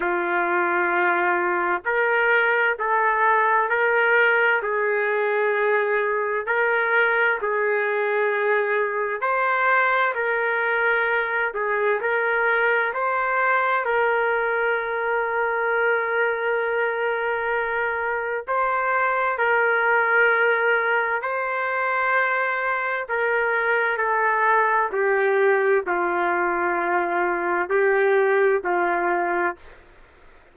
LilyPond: \new Staff \with { instrumentName = "trumpet" } { \time 4/4 \tempo 4 = 65 f'2 ais'4 a'4 | ais'4 gis'2 ais'4 | gis'2 c''4 ais'4~ | ais'8 gis'8 ais'4 c''4 ais'4~ |
ais'1 | c''4 ais'2 c''4~ | c''4 ais'4 a'4 g'4 | f'2 g'4 f'4 | }